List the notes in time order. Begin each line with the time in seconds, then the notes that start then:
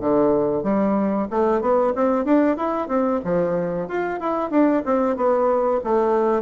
0.00 D3
0.63 G3
1.30 A3
1.61 B3
1.95 C4
2.25 D4
2.56 E4
2.88 C4
3.24 F3
3.88 F4
4.20 E4
4.50 D4
4.85 C4
5.16 B3
5.84 A3